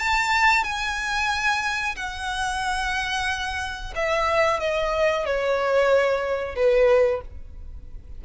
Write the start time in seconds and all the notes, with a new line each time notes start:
0.00 A5
0.64 G#5
1.96 F#5
3.96 E5
4.60 D#5
5.26 C#5
6.56 B4